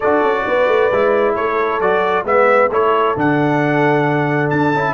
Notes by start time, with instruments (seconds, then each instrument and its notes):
0.00 tuba D4, trombone F#4, horn A4, trumpet D5
0.22 tuba C#4
0.46 tuba B3, horn B4
0.67 tuba A3
0.91 tuba G#3, trombone E4
1.34 tuba A3, horn A4, trumpet C#5
1.80 tuba F#3, trombone F#4, trumpet D5
2.23 tuba G#3, trombone B3, horn B4, trumpet E5
2.69 tuba A3, trombone E4, horn A4, trumpet C#5
3.16 tuba D3, trombone D4, trumpet F#5
4.50 tuba D4, trumpet A5
4.74 tuba C#4, trombone E4